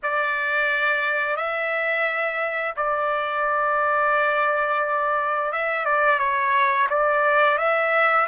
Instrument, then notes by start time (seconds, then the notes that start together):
trumpet
0.02 D5
1.36 E5
2.76 D5
5.52 E5
5.85 D5
6.18 C#5
6.89 D5
7.58 E5